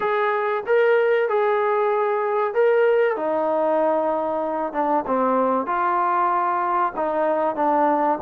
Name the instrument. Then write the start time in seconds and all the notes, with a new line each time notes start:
trombone
0.00 G#4
0.66 A#4
1.28 G#4
2.53 A#4
3.16 D#4
4.72 D4
5.07 C4
5.66 F4
6.96 D#4
7.55 D4